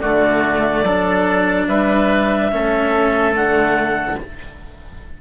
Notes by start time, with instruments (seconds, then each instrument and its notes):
0.00 bassoon D3, cello A3, oboe F#4, clarinet D5
0.84 bassoon F#3, cello D4, oboe A4
1.68 bassoon G3, oboe B4, clarinet E5
2.52 bassoon A3, cello C#4, oboe A4
3.32 bassoon D3, cello A3, clarinet F#5